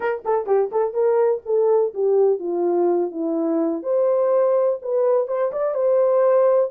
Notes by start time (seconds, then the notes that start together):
0.00 A#4
0.24 A4
0.46 G4
0.71 A4
0.93 A#4
1.45 A4
1.94 G4
2.39 F4
3.11 E4
3.83 C5
4.82 B4
5.27 C5
5.52 D5
5.74 C5